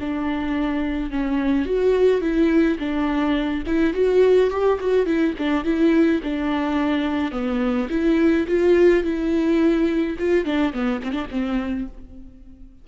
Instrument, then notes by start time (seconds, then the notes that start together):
viola
0.00 D4
1.11 C#4
1.66 F#4
2.22 E4
2.79 D4
3.66 E4
3.94 F#4
4.51 G4
4.80 F#4
5.06 E4
5.39 D4
5.64 E4
6.23 D4
7.32 B3
7.90 E4
8.48 F4
9.04 E4
10.19 F4
10.45 D4
10.73 B3
11.04 C4
11.12 D4
11.31 C4